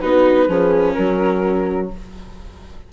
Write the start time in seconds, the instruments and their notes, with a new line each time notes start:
0.00 bassoon B3, viola D#4, horn F#4, flute B4
0.48 bassoon F3, viola C#4, horn G#4
0.93 bassoon F#3, horn F#4, flute A#4